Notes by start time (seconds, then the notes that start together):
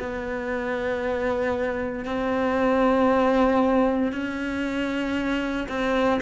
0.00 B3
2.05 C4
4.12 C#4
5.69 C4